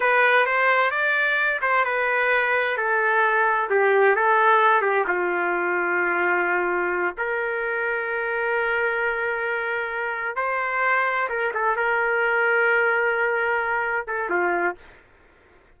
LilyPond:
\new Staff \with { instrumentName = "trumpet" } { \time 4/4 \tempo 4 = 130 b'4 c''4 d''4. c''8 | b'2 a'2 | g'4 a'4. g'8 f'4~ | f'2.~ f'8 ais'8~ |
ais'1~ | ais'2~ ais'8 c''4.~ | c''8 ais'8 a'8 ais'2~ ais'8~ | ais'2~ ais'8 a'8 f'4 | }